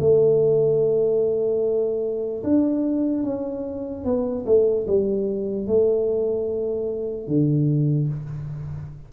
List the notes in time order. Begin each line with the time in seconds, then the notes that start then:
0.00 A3
2.43 D4
3.24 C#4
4.05 B3
4.46 A3
4.87 G3
5.67 A3
7.27 D3